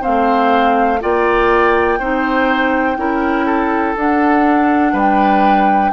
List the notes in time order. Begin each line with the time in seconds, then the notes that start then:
0.00 C4 C5 F5
0.06 A3
1.00 A#3 F4 D5 G5
1.99 C4 D#4 C5
2.96 C#4 E4 A#4
3.45 A4
3.95 D4 F#5
4.92 G3 B4 G5